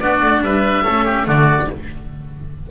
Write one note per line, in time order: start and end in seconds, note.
0.00 0.22 B3
0.00 0.85 D4
0.00 0.44 F#4
0.00 0.42 D5
0.22 0.41 A3
0.41 0.84 G3
0.41 0.84 B4
0.41 1.28 E5
0.84 1.27 A3
0.84 1.24 C#4
0.84 1.05 A4
1.05 1.26 G4
1.24 1.69 D3
1.24 1.66 A3
1.24 1.69 F#4
1.24 1.71 D5